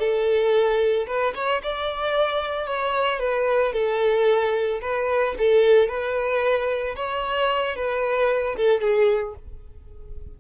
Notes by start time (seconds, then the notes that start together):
0.00 A4
1.07 B4
1.36 C#5
1.63 D5
2.67 C#5
3.20 B4
3.74 A4
4.82 B4
5.39 A4
5.89 B4
6.96 C#5
7.76 B4
8.57 A4
8.82 G#4